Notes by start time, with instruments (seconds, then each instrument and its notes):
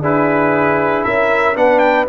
0.00 tuba D4, trombone E4, horn G#4, trumpet B4
1.03 tuba C#4, horn A#4, trumpet E5
1.54 tuba B3, trombone D4, horn B4, trumpet F#5
1.78 trumpet G5